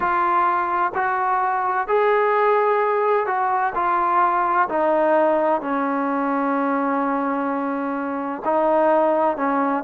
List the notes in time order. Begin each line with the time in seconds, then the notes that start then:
0.00 F4
0.94 F#4
1.87 G#4
3.26 F#4
3.75 F4
4.69 D#4
5.61 C#4
8.44 D#4
9.36 C#4